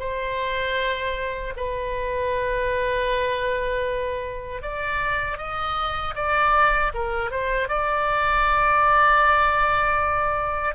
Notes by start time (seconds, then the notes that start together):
0.00 C5
1.57 B4
4.63 D5
5.38 D#5
6.16 D5
6.95 A#4
7.31 C5
7.69 D5